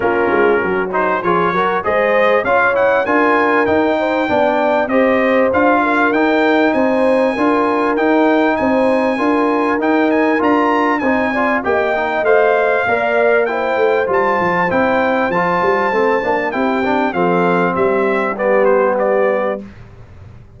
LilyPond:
<<
  \new Staff \with { instrumentName = "trumpet" } { \time 4/4 \tempo 4 = 98 ais'4. c''8 cis''4 dis''4 | f''8 fis''8 gis''4 g''2 | dis''4 f''4 g''4 gis''4~ | gis''4 g''4 gis''2 |
g''8 gis''8 ais''4 gis''4 g''4 | f''2 g''4 a''4 | g''4 a''2 g''4 | f''4 e''4 d''8 c''8 d''4 | }
  \new Staff \with { instrumentName = "horn" } { \time 4/4 f'4 fis'4 gis'8 ais'8 c''4 | cis''4 ais'4. c''8 d''4 | c''4. ais'4. c''4 | ais'2 c''4 ais'4~ |
ais'2 c''8 d''8 dis''4~ | dis''4 d''4 c''2~ | c''2. g'4 | a'4 g'2. | }
  \new Staff \with { instrumentName = "trombone" } { \time 4/4 cis'4. dis'8 f'8 fis'8 gis'4 | f'8 e'8 f'4 dis'4 d'4 | g'4 f'4 dis'2 | f'4 dis'2 f'4 |
dis'4 f'4 dis'8 f'8 g'8 dis'8 | c''4 ais'4 e'4 f'4 | e'4 f'4 c'8 d'8 e'8 d'8 | c'2 b2 | }
  \new Staff \with { instrumentName = "tuba" } { \time 4/4 ais8 gis8 fis4 f8 fis8 gis4 | cis'4 d'4 dis'4 b4 | c'4 d'4 dis'4 c'4 | d'4 dis'4 c'4 d'4 |
dis'4 d'4 c'4 ais4 | a4 ais4. a8 g8 f8 | c'4 f8 g8 a8 ais8 c'4 | f4 g2. | }
>>